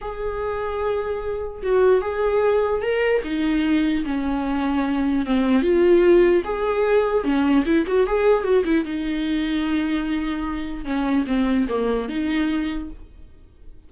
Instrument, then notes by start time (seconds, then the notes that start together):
viola
0.01 G#4
1.62 F#4
2.01 G#4
2.82 A#4
3.23 D#4
4.05 C#4
5.26 C4
5.62 F4
6.44 G#4
7.24 C#4
7.65 E4
7.87 F#4
8.06 G#4
8.43 F#4
8.64 E4
8.85 D#4
10.84 C#4
11.27 C4
11.68 A#3
12.08 D#4